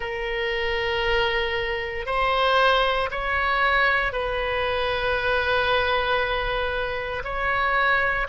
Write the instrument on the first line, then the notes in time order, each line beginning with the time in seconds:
oboe
0.00 A#4
2.05 C5
3.10 C#5
4.12 B4
7.24 C#5